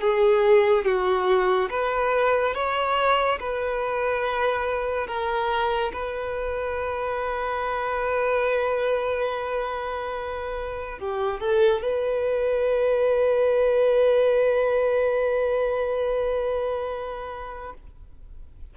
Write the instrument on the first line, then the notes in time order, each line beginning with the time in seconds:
violin
0.00 G#4
0.84 F#4
1.70 B4
2.54 C#5
3.40 B4
5.07 A#4
5.92 B4
10.99 G4
11.40 A4
11.82 B4